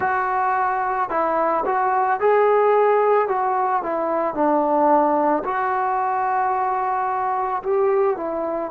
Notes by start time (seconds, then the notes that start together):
0.00 F#4
1.09 E4
1.65 F#4
2.20 G#4
3.28 F#4
3.82 E4
4.34 D4
5.44 F#4
7.63 G4
8.17 E4